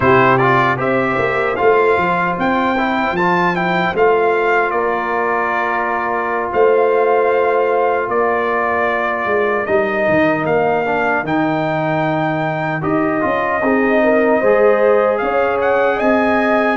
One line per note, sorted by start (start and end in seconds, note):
0.00 0.78 C3
0.00 0.39 E4
0.00 0.80 G4
0.00 0.37 C5
0.37 0.77 F4
0.37 0.76 D5
0.77 1.17 C4
0.77 1.56 G4
0.77 4.74 C5
0.77 1.56 E5
1.18 1.57 A#3
1.56 1.97 A3
1.56 2.75 F4
1.56 2.35 F5
1.97 2.37 F3
2.38 3.11 C4
2.38 3.16 G5
2.77 3.17 E4
3.11 3.90 F3
3.11 3.55 A5
3.18 3.55 F4
3.55 3.94 E4
3.55 3.95 G5
3.94 4.71 A3
3.94 9.66 F4
3.94 4.70 F5
4.70 6.48 A#3
4.70 6.52 A#4
4.70 6.48 D5
6.52 8.08 A3
6.52 8.09 C5
6.52 8.09 F5
8.08 9.25 A#3
8.08 13.61 A#4
8.08 9.66 D5
9.25 9.64 G#3
9.66 10.07 G3
9.66 10.85 D#4
9.66 10.45 D#5
10.08 10.45 D#3
10.45 11.23 A#3
10.45 11.25 F5
10.85 11.24 D4
11.23 12.81 D#3
11.23 12.81 D#4
11.23 12.82 G5
12.81 13.22 D#4
12.81 13.20 G4
12.81 15.17 D#5
13.20 13.61 C#4
13.20 13.60 F4
13.61 14.40 C4
13.61 14.43 D#4
13.61 14.02 G#4
14.03 14.39 A#4
14.39 15.21 G#3
14.39 16.77 G#4
14.39 15.18 C5
15.17 16.00 C#4
15.17 15.96 C#5
15.17 15.57 F5
15.61 15.99 F#5
15.96 16.77 C4
15.96 16.75 D#5
15.96 16.77 G#5